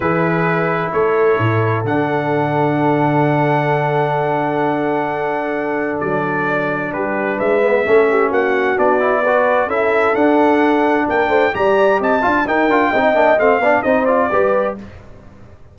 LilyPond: <<
  \new Staff \with { instrumentName = "trumpet" } { \time 4/4 \tempo 4 = 130 b'2 cis''2 | fis''1~ | fis''1~ | fis''4 d''2 b'4 |
e''2 fis''4 d''4~ | d''4 e''4 fis''2 | g''4 ais''4 a''4 g''4~ | g''4 f''4 dis''8 d''4. | }
  \new Staff \with { instrumentName = "horn" } { \time 4/4 gis'2 a'2~ | a'1~ | a'1~ | a'2. g'4 |
b'4 a'8 g'8 fis'2 | b'4 a'2. | ais'8 c''8 d''4 dis''8 f''8 ais'4 | dis''4. d''8 c''4 b'4 | }
  \new Staff \with { instrumentName = "trombone" } { \time 4/4 e'1 | d'1~ | d'1~ | d'1~ |
d'8 b8 cis'2 d'8 e'8 | fis'4 e'4 d'2~ | d'4 g'4. f'8 dis'8 f'8 | dis'8 d'8 c'8 d'8 dis'8 f'8 g'4 | }
  \new Staff \with { instrumentName = "tuba" } { \time 4/4 e2 a4 a,4 | d1~ | d1~ | d4 fis2 g4 |
gis4 a4 ais4 b4~ | b4 cis'4 d'2 | ais8 a8 g4 c'8 d'8 dis'8 d'8 | c'8 ais8 a8 b8 c'4 g4 | }
>>